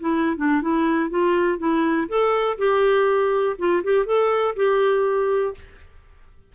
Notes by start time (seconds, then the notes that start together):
0.00 E4
0.37 D4
0.61 E4
1.10 F4
1.58 E4
2.09 A4
2.58 G4
3.58 F4
3.84 G4
4.06 A4
4.56 G4